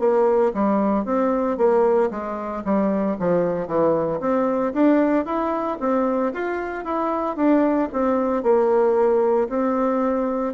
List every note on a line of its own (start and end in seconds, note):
0.00 0.53 A#3
0.54 1.05 G3
1.05 1.58 C4
1.58 2.11 A#3
2.11 2.64 G#3
2.65 3.17 G3
3.20 3.67 F3
3.67 4.20 E3
4.21 4.73 C4
4.74 5.26 D4
5.26 5.78 E4
5.80 6.33 C4
6.34 6.85 F4
6.85 7.36 E4
7.36 7.89 D4
7.93 8.44 C4
8.44 9.49 A#3
9.49 10.54 C4